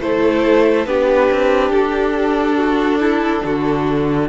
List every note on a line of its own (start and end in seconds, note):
0.00 0.86 A3
0.00 0.86 E4
0.00 0.87 A4
0.00 0.86 C5
0.86 1.28 B3
0.86 4.29 D4
0.86 2.56 G4
0.86 1.71 B4
1.30 1.69 C4
1.69 3.41 D4
1.69 4.28 A4
2.56 2.99 F#4
3.00 3.42 E4
3.44 4.29 D3
3.44 4.29 F#4